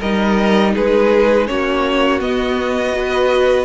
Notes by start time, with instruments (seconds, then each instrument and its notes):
0.00 cello G3, viola D#4, violin A#4 D#5
0.74 cello G#3, violin G#4 B4
1.48 cello A#3, viola C#4, violin F#4 C#5
2.21 viola B3, cello B3, violin D#5
2.93 viola F#4, violin B4